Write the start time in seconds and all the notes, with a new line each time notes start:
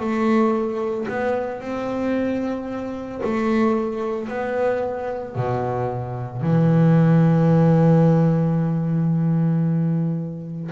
0.00 A3
1.09 B3
1.61 C4
3.24 A3
4.29 B3
5.36 B2
6.42 E3